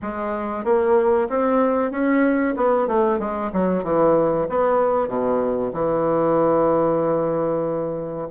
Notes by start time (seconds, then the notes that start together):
0.02 G#3
0.64 A#3
1.29 C4
1.91 C#4
2.56 B3
2.87 A3
3.19 G#3
3.52 F#3
3.83 E3
4.49 B3
5.07 B2
5.72 E3